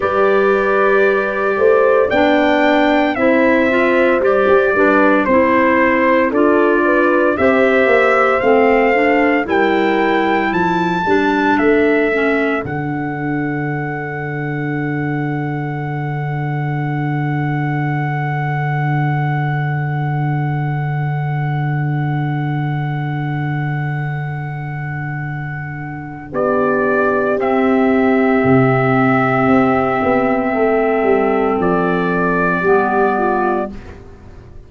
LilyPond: <<
  \new Staff \with { instrumentName = "trumpet" } { \time 4/4 \tempo 4 = 57 d''2 g''4 e''4 | d''4 c''4 d''4 e''4 | f''4 g''4 a''4 e''4 | fis''1~ |
fis''1~ | fis''1~ | fis''4 d''4 e''2~ | e''2 d''2 | }
  \new Staff \with { instrumentName = "horn" } { \time 4/4 b'4. c''8 d''4 c''4~ | c''8 b'8 c''4 a'8 b'8 c''4~ | c''4 ais'4 a'2~ | a'1~ |
a'1~ | a'1~ | a'4 g'2.~ | g'4 a'2 g'8 f'8 | }
  \new Staff \with { instrumentName = "clarinet" } { \time 4/4 g'2 d'4 e'8 f'8 | g'8 d'8 e'4 f'4 g'4 | c'8 d'8 e'4. d'4 cis'8 | d'1~ |
d'1~ | d'1~ | d'2 c'2~ | c'2. b4 | }
  \new Staff \with { instrumentName = "tuba" } { \time 4/4 g4. a8 b4 c'4 | g16 g'16 g8 c'4 d'4 c'8 ais8 | a4 g4 f8 g8 a4 | d1~ |
d1~ | d1~ | d4 b4 c'4 c4 | c'8 b8 a8 g8 f4 g4 | }
>>